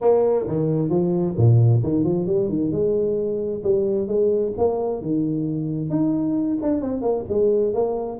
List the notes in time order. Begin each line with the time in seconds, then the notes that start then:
0.01 A#3
0.47 D#3
0.89 F3
1.37 A#2
1.83 D#3
2.04 F3
2.26 G3
2.49 D#3
2.71 G#3
3.63 G3
4.07 G#3
4.57 A#3
5.01 D#3
5.90 D#4
6.61 D4
6.81 C4
7.01 A#3
7.29 G#3
7.73 A#3